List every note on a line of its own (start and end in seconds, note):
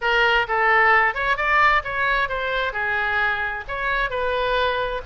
0.01 0.46 A#4
0.48 1.14 A4
1.14 1.36 C#5
1.36 1.82 D5
1.84 2.28 C#5
2.28 2.72 C5
2.72 3.64 G#4
3.67 4.10 C#5
4.10 5.01 B4